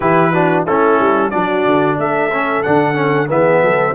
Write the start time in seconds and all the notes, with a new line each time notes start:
0.00 E3 E4 G4 B4
0.32 D4 F#4
0.65 A3 C#4 E4 A4
0.99 G3
1.30 F#3 D4 F#4 D5
1.66 D3
1.97 A3 A4 E5
2.31 C#4
2.62 D3 D4 F#5
2.94 C#4
3.29 E3 B3 G#4 E5
3.61 F#3 A4